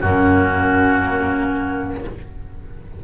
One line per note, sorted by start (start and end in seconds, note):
0.00 2.01 F#2
0.00 2.04 A#3
0.00 2.02 C#4
0.00 2.00 F#4